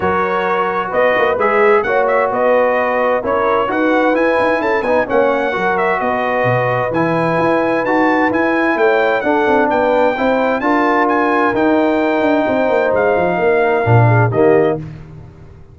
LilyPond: <<
  \new Staff \with { instrumentName = "trumpet" } { \time 4/4 \tempo 4 = 130 cis''2 dis''4 e''4 | fis''8 e''8 dis''2 cis''4 | fis''4 gis''4 a''8 gis''8 fis''4~ | fis''8 e''8 dis''2 gis''4~ |
gis''4 a''4 gis''4 g''4 | fis''4 g''2 a''4 | gis''4 g''2. | f''2. dis''4 | }
  \new Staff \with { instrumentName = "horn" } { \time 4/4 ais'2 b'2 | cis''4 b'2 ais'4 | b'2 a'8 b'8 cis''4 | ais'4 b'2.~ |
b'2. cis''4 | a'4 b'4 c''4 ais'4~ | ais'2. c''4~ | c''4 ais'4. gis'8 g'4 | }
  \new Staff \with { instrumentName = "trombone" } { \time 4/4 fis'2. gis'4 | fis'2. e'4 | fis'4 e'4. dis'8 cis'4 | fis'2. e'4~ |
e'4 fis'4 e'2 | d'2 e'4 f'4~ | f'4 dis'2.~ | dis'2 d'4 ais4 | }
  \new Staff \with { instrumentName = "tuba" } { \time 4/4 fis2 b8 ais8 gis4 | ais4 b2 cis'4 | dis'4 e'8 dis'8 cis'8 b8 ais4 | fis4 b4 b,4 e4 |
e'4 dis'4 e'4 a4 | d'8 c'8 b4 c'4 d'4~ | d'4 dis'4. d'8 c'8 ais8 | gis8 f8 ais4 ais,4 dis4 | }
>>